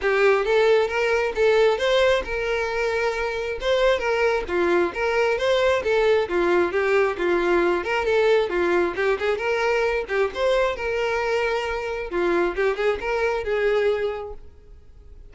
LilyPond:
\new Staff \with { instrumentName = "violin" } { \time 4/4 \tempo 4 = 134 g'4 a'4 ais'4 a'4 | c''4 ais'2. | c''4 ais'4 f'4 ais'4 | c''4 a'4 f'4 g'4 |
f'4. ais'8 a'4 f'4 | g'8 gis'8 ais'4. g'8 c''4 | ais'2. f'4 | g'8 gis'8 ais'4 gis'2 | }